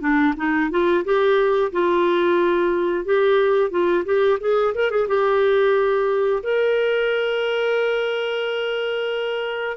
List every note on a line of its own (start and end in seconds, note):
0.00 0.34 D4
0.36 0.70 D#4
0.70 1.04 F4
1.04 1.72 G4
1.72 3.05 F4
3.05 3.70 G4
3.70 4.04 F4
4.05 4.39 G4
4.40 4.74 G#4
4.74 4.90 A#4
4.90 5.07 G#4
5.07 6.42 G4
6.43 9.77 A#4